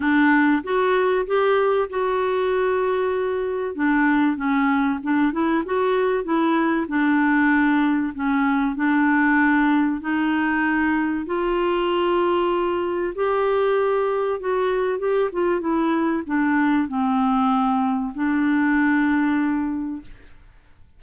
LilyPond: \new Staff \with { instrumentName = "clarinet" } { \time 4/4 \tempo 4 = 96 d'4 fis'4 g'4 fis'4~ | fis'2 d'4 cis'4 | d'8 e'8 fis'4 e'4 d'4~ | d'4 cis'4 d'2 |
dis'2 f'2~ | f'4 g'2 fis'4 | g'8 f'8 e'4 d'4 c'4~ | c'4 d'2. | }